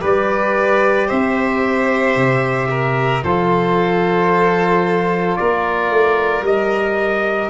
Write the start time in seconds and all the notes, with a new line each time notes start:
0.00 G3 G4 B4 D5
1.07 C4 C5 E5
2.15 C3
2.69 A#4
3.23 F3 F4 A4 C5
5.36 A#3 A#4 D5
5.90 A3
6.41 G3 G4 D#5